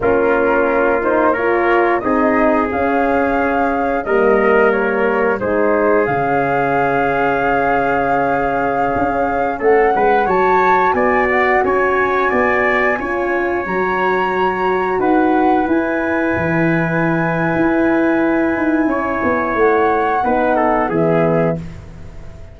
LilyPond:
<<
  \new Staff \with { instrumentName = "flute" } { \time 4/4 \tempo 4 = 89 ais'4. c''8 cis''4 dis''4 | f''2 dis''4 cis''4 | c''4 f''2.~ | f''2~ f''16 fis''4 a''8.~ |
a''16 gis''8 fis''8 gis''2~ gis''8.~ | gis''16 ais''2 fis''4 gis''8.~ | gis''1~ | gis''4 fis''2 e''4 | }
  \new Staff \with { instrumentName = "trumpet" } { \time 4/4 f'2 ais'4 gis'4~ | gis'2 ais'2 | gis'1~ | gis'2~ gis'16 a'8 b'8 cis''8.~ |
cis''16 d''4 cis''4 d''4 cis''8.~ | cis''2~ cis''16 b'4.~ b'16~ | b'1 | cis''2 b'8 a'8 gis'4 | }
  \new Staff \with { instrumentName = "horn" } { \time 4/4 cis'4. dis'8 f'4 dis'4 | cis'2 ais2 | dis'4 cis'2.~ | cis'2.~ cis'16 fis'8.~ |
fis'2.~ fis'16 f'8.~ | f'16 fis'2. e'8.~ | e'1~ | e'2 dis'4 b4 | }
  \new Staff \with { instrumentName = "tuba" } { \time 4/4 ais2. c'4 | cis'2 g2 | gis4 cis2.~ | cis4~ cis16 cis'4 a8 gis8 fis8.~ |
fis16 b4 cis'4 b4 cis'8.~ | cis'16 fis2 dis'4 e'8.~ | e'16 e4.~ e16 e'4. dis'8 | cis'8 b8 a4 b4 e4 | }
>>